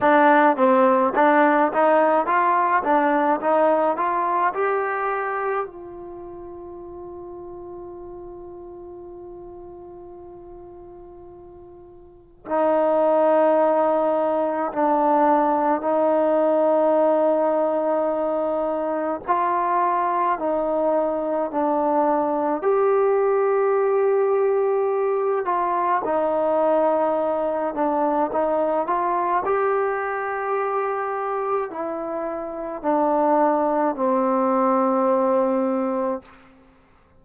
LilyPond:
\new Staff \with { instrumentName = "trombone" } { \time 4/4 \tempo 4 = 53 d'8 c'8 d'8 dis'8 f'8 d'8 dis'8 f'8 | g'4 f'2.~ | f'2. dis'4~ | dis'4 d'4 dis'2~ |
dis'4 f'4 dis'4 d'4 | g'2~ g'8 f'8 dis'4~ | dis'8 d'8 dis'8 f'8 g'2 | e'4 d'4 c'2 | }